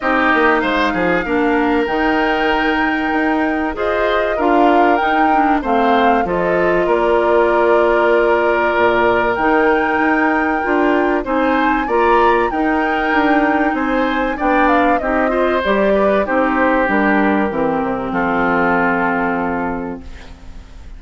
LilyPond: <<
  \new Staff \with { instrumentName = "flute" } { \time 4/4 \tempo 4 = 96 dis''4 f''2 g''4~ | g''2 dis''4 f''4 | g''4 f''4 dis''4 d''4~ | d''2. g''4~ |
g''2 gis''4 ais''4 | g''2 gis''4 g''8 f''8 | dis''4 d''4 c''4 ais'4~ | ais'4 a'2. | }
  \new Staff \with { instrumentName = "oboe" } { \time 4/4 g'4 c''8 gis'8 ais'2~ | ais'2 c''4 ais'4~ | ais'4 c''4 a'4 ais'4~ | ais'1~ |
ais'2 c''4 d''4 | ais'2 c''4 d''4 | g'8 c''4 b'8 g'2~ | g'4 f'2. | }
  \new Staff \with { instrumentName = "clarinet" } { \time 4/4 dis'2 d'4 dis'4~ | dis'2 gis'4 f'4 | dis'8 d'8 c'4 f'2~ | f'2. dis'4~ |
dis'4 f'4 dis'4 f'4 | dis'2. d'4 | dis'8 f'8 g'4 dis'4 d'4 | c'1 | }
  \new Staff \with { instrumentName = "bassoon" } { \time 4/4 c'8 ais8 gis8 f8 ais4 dis4~ | dis4 dis'4 f'4 d'4 | dis'4 a4 f4 ais4~ | ais2 ais,4 dis4 |
dis'4 d'4 c'4 ais4 | dis'4 d'4 c'4 b4 | c'4 g4 c'4 g4 | e8 c8 f2. | }
>>